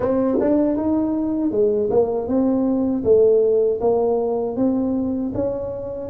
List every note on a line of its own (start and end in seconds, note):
0.00 0.38 C4
0.40 0.76 D4
0.76 1.51 D#4
1.51 1.89 G#3
1.90 2.27 A#3
2.27 3.03 C4
3.04 3.80 A3
3.80 4.56 A#3
4.56 5.32 C4
5.34 6.10 C#4